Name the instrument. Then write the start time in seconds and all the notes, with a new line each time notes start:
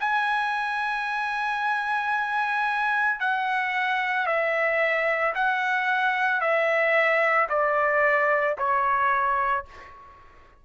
trumpet
0.00 G#5
3.20 F#5
4.27 E5
5.35 F#5
6.41 E5
7.50 D5
8.59 C#5